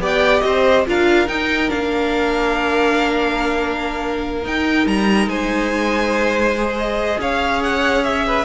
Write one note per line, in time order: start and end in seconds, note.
0.00 0.42 B3
0.00 0.86 G4
0.00 0.44 D5
0.00 0.41 G5
0.41 0.86 C4
0.41 0.88 C5
0.41 0.83 D#5
0.87 1.28 D4
0.87 1.28 F4
0.87 5.30 A#4
0.87 1.28 F5
1.28 1.68 D#4
1.28 1.70 D#4
1.28 1.70 G5
1.68 4.46 A#3
1.68 4.43 D4
1.68 4.45 F5
4.43 6.54 D#4
4.43 4.86 D#4
4.43 4.87 G5
4.86 5.27 G3
4.86 5.29 A#5
5.27 7.17 G#3
5.27 7.20 C5
5.27 6.77 G#5
6.58 8.46 G#4
6.78 7.21 D#5
7.19 8.46 C#4
7.19 8.26 C#5
7.19 7.63 F5
7.63 8.04 F#5
8.04 8.46 E5
8.27 8.46 B4